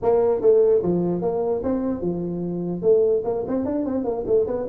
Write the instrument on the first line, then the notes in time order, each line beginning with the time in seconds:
tuba
0.02 A#3
0.41 A3
0.82 F3
1.21 A#3
1.63 C4
2.01 F3
2.82 A3
3.24 A#3
3.47 C4
3.65 D4
3.85 C4
4.04 A#3
4.26 A3
4.46 B3